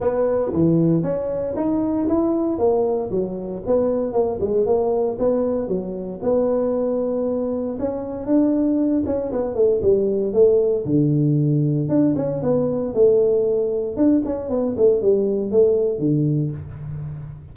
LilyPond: \new Staff \with { instrumentName = "tuba" } { \time 4/4 \tempo 4 = 116 b4 e4 cis'4 dis'4 | e'4 ais4 fis4 b4 | ais8 gis8 ais4 b4 fis4 | b2. cis'4 |
d'4. cis'8 b8 a8 g4 | a4 d2 d'8 cis'8 | b4 a2 d'8 cis'8 | b8 a8 g4 a4 d4 | }